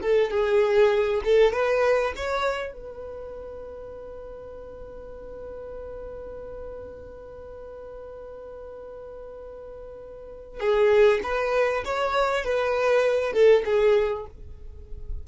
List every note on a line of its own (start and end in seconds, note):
0.00 0.30 A4
0.30 1.21 G#4
1.24 1.52 A4
1.52 2.13 B4
2.15 2.72 C#5
2.72 10.60 B4
10.60 11.20 G#4
11.23 11.83 B4
11.84 12.44 C#5
12.44 13.33 B4
13.33 13.63 A4
13.65 14.25 G#4